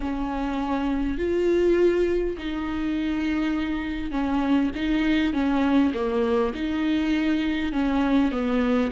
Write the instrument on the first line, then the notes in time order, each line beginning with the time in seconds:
viola
0.00 C#4
1.17 F4
2.37 D#4
4.11 C#4
4.75 D#4
5.33 C#4
5.94 A#3
6.54 D#4
7.72 C#4
8.31 B3